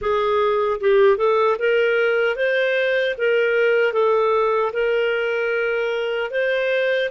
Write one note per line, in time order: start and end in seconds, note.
0.01 0.80 G#4
0.80 1.17 G4
1.17 1.56 A4
1.59 2.36 A#4
2.36 3.15 C5
3.18 3.93 A#4
3.93 4.72 A4
4.72 6.30 A#4
6.30 7.09 C5